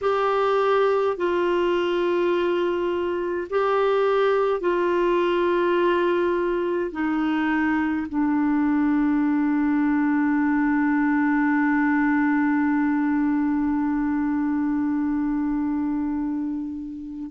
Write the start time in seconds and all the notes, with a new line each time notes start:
0.01 G4
1.16 F4
3.50 G4
4.60 F4
6.91 D#4
8.08 D4